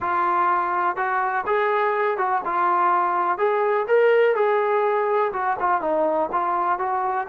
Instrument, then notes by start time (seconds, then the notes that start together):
trombone
0.00 F4
0.96 F#4
1.46 G#4
2.17 F#4
2.44 F4
3.38 G#4
3.87 A#4
4.35 G#4
5.32 F#4
5.59 F4
5.81 D#4
6.31 F4
6.79 F#4